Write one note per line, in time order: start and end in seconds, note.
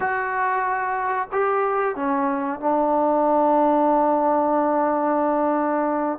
0.00 1.28 F#4
1.32 1.95 G4
1.95 2.60 C#4
2.60 6.18 D4